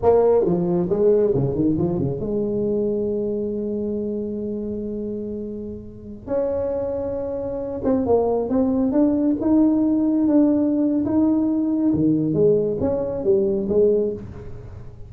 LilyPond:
\new Staff \with { instrumentName = "tuba" } { \time 4/4 \tempo 4 = 136 ais4 f4 gis4 cis8 dis8 | f8 cis8 gis2.~ | gis1~ | gis2~ gis16 cis'4.~ cis'16~ |
cis'4.~ cis'16 c'8 ais4 c'8.~ | c'16 d'4 dis'2 d'8.~ | d'4 dis'2 dis4 | gis4 cis'4 g4 gis4 | }